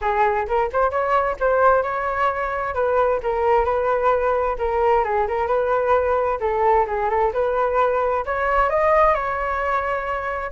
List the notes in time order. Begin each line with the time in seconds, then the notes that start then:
0.01 G#4
0.47 A#4
0.72 C5
0.90 C#5
1.40 C5
1.83 C#5
2.74 B4
3.22 A#4
3.65 B4
4.58 A#4
5.04 G#4
5.27 A#4
5.47 B4
6.40 A4
6.87 G#4
7.09 A4
7.33 B4
8.25 C#5
8.69 D#5
9.14 C#5